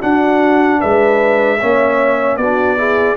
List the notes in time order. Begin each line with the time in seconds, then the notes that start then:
0.00 D4 F#4 F#5
0.80 G#3 B4 E5
1.60 A#3 C#4 C#5
2.37 B3 D4 F#4 D5
2.77 E4 G#4